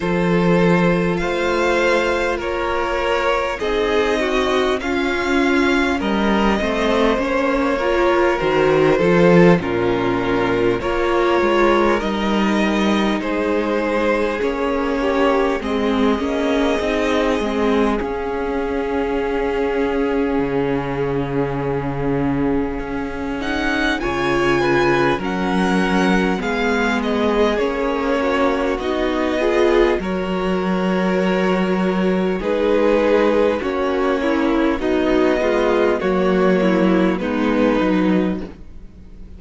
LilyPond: <<
  \new Staff \with { instrumentName = "violin" } { \time 4/4 \tempo 4 = 50 c''4 f''4 cis''4 dis''4 | f''4 dis''4 cis''4 c''4 | ais'4 cis''4 dis''4 c''4 | cis''4 dis''2 f''4~ |
f''2.~ f''8 fis''8 | gis''4 fis''4 f''8 dis''8 cis''4 | dis''4 cis''2 b'4 | cis''4 dis''4 cis''4 b'4 | }
  \new Staff \with { instrumentName = "violin" } { \time 4/4 a'4 c''4 ais'4 gis'8 fis'8 | f'4 ais'8 c''4 ais'4 a'8 | f'4 ais'2 gis'4~ | gis'8 g'8 gis'2.~ |
gis'1 | cis''8 b'8 ais'4 gis'4. fis'8~ | fis'8 gis'8 ais'2 gis'4 | fis'8 e'8 dis'8 f'8 fis'8 e'8 dis'4 | }
  \new Staff \with { instrumentName = "viola" } { \time 4/4 f'2. dis'4 | cis'4. c'8 cis'8 f'8 fis'8 f'8 | cis'4 f'4 dis'2 | cis'4 c'8 cis'8 dis'8 c'8 cis'4~ |
cis'2.~ cis'8 dis'8 | f'4 cis'4 b4 cis'4 | dis'8 f'8 fis'2 dis'4 | cis'4 fis8 gis8 ais4 b8 dis'8 | }
  \new Staff \with { instrumentName = "cello" } { \time 4/4 f4 a4 ais4 c'4 | cis'4 g8 a8 ais4 dis8 f8 | ais,4 ais8 gis8 g4 gis4 | ais4 gis8 ais8 c'8 gis8 cis'4~ |
cis'4 cis2 cis'4 | cis4 fis4 gis4 ais4 | b4 fis2 gis4 | ais4 b4 fis4 gis8 fis8 | }
>>